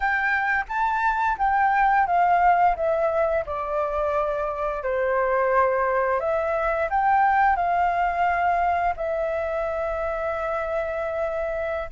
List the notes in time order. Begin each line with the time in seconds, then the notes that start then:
0.00 G5
0.68 A5
1.38 G5
2.06 F5
2.76 E5
3.46 D5
4.83 C5
6.19 E5
6.90 G5
7.56 F5
8.96 E5